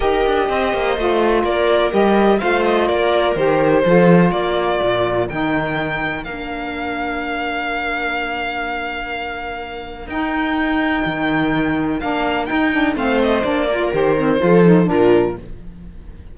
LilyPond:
<<
  \new Staff \with { instrumentName = "violin" } { \time 4/4 \tempo 4 = 125 dis''2. d''4 | dis''4 f''8 dis''8 d''4 c''4~ | c''4 d''2 g''4~ | g''4 f''2.~ |
f''1~ | f''4 g''2.~ | g''4 f''4 g''4 f''8 dis''8 | d''4 c''2 ais'4 | }
  \new Staff \with { instrumentName = "viola" } { \time 4/4 ais'4 c''2 ais'4~ | ais'4 c''4 ais'2 | a'4 ais'2.~ | ais'1~ |
ais'1~ | ais'1~ | ais'2. c''4~ | c''8 ais'4. a'4 f'4 | }
  \new Staff \with { instrumentName = "saxophone" } { \time 4/4 g'2 f'2 | g'4 f'2 g'4 | f'2. dis'4~ | dis'4 d'2.~ |
d'1~ | d'4 dis'2.~ | dis'4 d'4 dis'8 d'8 c'4 | d'8 f'8 g'8 c'8 f'8 dis'8 d'4 | }
  \new Staff \with { instrumentName = "cello" } { \time 4/4 dis'8 d'8 c'8 ais8 a4 ais4 | g4 a4 ais4 dis4 | f4 ais4 ais,4 dis4~ | dis4 ais2.~ |
ais1~ | ais4 dis'2 dis4~ | dis4 ais4 dis'4 a4 | ais4 dis4 f4 ais,4 | }
>>